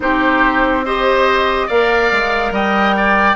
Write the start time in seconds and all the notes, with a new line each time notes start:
0.00 C4 D#4 G4 C5
0.85 G4 C5 D#5
1.67 A#3 A#4 D5 F5
2.11 G#3
2.51 G3 D#5 G5
2.96 D5